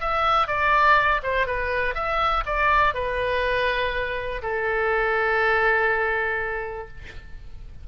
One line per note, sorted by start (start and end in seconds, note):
0.00 0.47 E5
0.47 1.20 D5
1.23 1.46 C5
1.46 1.94 B4
1.94 2.43 E5
2.45 2.94 D5
2.94 4.41 B4
4.42 6.88 A4